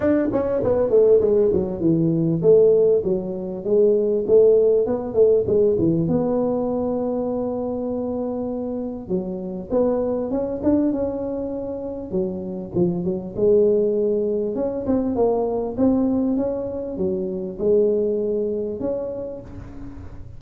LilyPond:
\new Staff \with { instrumentName = "tuba" } { \time 4/4 \tempo 4 = 99 d'8 cis'8 b8 a8 gis8 fis8 e4 | a4 fis4 gis4 a4 | b8 a8 gis8 e8 b2~ | b2. fis4 |
b4 cis'8 d'8 cis'2 | fis4 f8 fis8 gis2 | cis'8 c'8 ais4 c'4 cis'4 | fis4 gis2 cis'4 | }